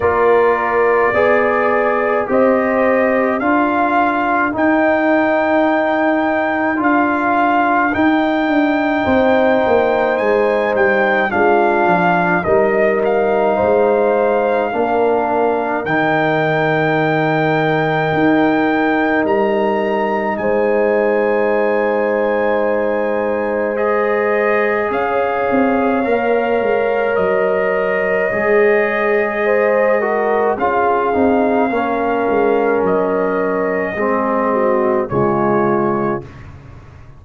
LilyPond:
<<
  \new Staff \with { instrumentName = "trumpet" } { \time 4/4 \tempo 4 = 53 d''2 dis''4 f''4 | g''2 f''4 g''4~ | g''4 gis''8 g''8 f''4 dis''8 f''8~ | f''2 g''2~ |
g''4 ais''4 gis''2~ | gis''4 dis''4 f''2 | dis''2. f''4~ | f''4 dis''2 cis''4 | }
  \new Staff \with { instrumentName = "horn" } { \time 4/4 ais'4 d''4 c''4 ais'4~ | ais'1 | c''2 f'4 ais'4 | c''4 ais'2.~ |
ais'2 c''2~ | c''2 cis''2~ | cis''2 c''8 ais'8 gis'4 | ais'2 gis'8 fis'8 f'4 | }
  \new Staff \with { instrumentName = "trombone" } { \time 4/4 f'4 gis'4 g'4 f'4 | dis'2 f'4 dis'4~ | dis'2 d'4 dis'4~ | dis'4 d'4 dis'2~ |
dis'1~ | dis'4 gis'2 ais'4~ | ais'4 gis'4. fis'8 f'8 dis'8 | cis'2 c'4 gis4 | }
  \new Staff \with { instrumentName = "tuba" } { \time 4/4 ais4 b4 c'4 d'4 | dis'2 d'4 dis'8 d'8 | c'8 ais8 gis8 g8 gis8 f8 g4 | gis4 ais4 dis2 |
dis'4 g4 gis2~ | gis2 cis'8 c'8 ais8 gis8 | fis4 gis2 cis'8 c'8 | ais8 gis8 fis4 gis4 cis4 | }
>>